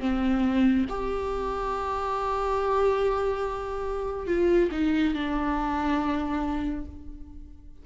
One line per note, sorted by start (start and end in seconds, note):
0.00 0.86 C4
0.89 4.27 G4
4.27 4.70 F4
4.72 5.14 D#4
5.14 6.86 D4